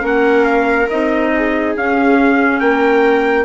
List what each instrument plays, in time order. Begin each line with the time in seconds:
0.00 bassoon A#3, clarinet C#4, viola A#4
0.06 trumpet F#5
0.45 trumpet F5
0.90 bassoon C4, clarinet D#4, trumpet D#5
1.35 viola G#4
1.76 bassoon C#4, clarinet C#4, trumpet F5
2.60 bassoon A#3, viola A#4, trumpet G5